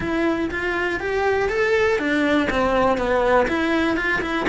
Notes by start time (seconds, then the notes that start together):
0.00 E4
0.50 F4
1.00 G4
1.49 A4
1.98 D4
2.50 C4
2.97 B3
3.48 E4
3.96 F4
4.21 E4